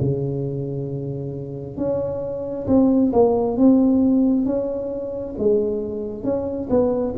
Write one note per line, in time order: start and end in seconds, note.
0.00 1.77 C#3
1.77 2.66 C#4
2.67 3.12 C4
3.12 3.57 A#3
3.57 4.45 C4
4.45 5.34 C#4
5.38 6.24 G#3
6.24 6.68 C#4
6.70 7.14 B3